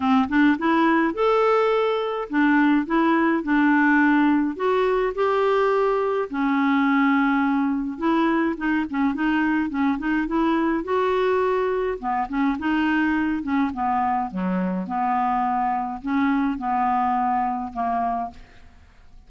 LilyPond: \new Staff \with { instrumentName = "clarinet" } { \time 4/4 \tempo 4 = 105 c'8 d'8 e'4 a'2 | d'4 e'4 d'2 | fis'4 g'2 cis'4~ | cis'2 e'4 dis'8 cis'8 |
dis'4 cis'8 dis'8 e'4 fis'4~ | fis'4 b8 cis'8 dis'4. cis'8 | b4 fis4 b2 | cis'4 b2 ais4 | }